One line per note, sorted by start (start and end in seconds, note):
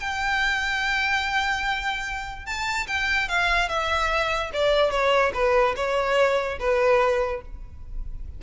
0.00 2.46 G5
2.46 2.87 A5
2.88 3.29 G5
3.29 3.69 F5
3.69 4.51 E5
4.53 4.91 D5
4.91 5.32 C#5
5.34 5.76 B4
5.76 6.59 C#5
6.60 7.42 B4